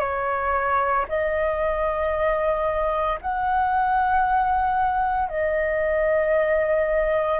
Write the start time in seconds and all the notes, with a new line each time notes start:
0.00 C#5
1.09 D#5
3.21 F#5
5.29 D#5